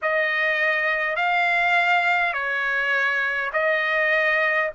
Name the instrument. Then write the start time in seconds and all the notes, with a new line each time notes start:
trumpet
0.02 D#5
1.16 F5
2.33 C#5
3.52 D#5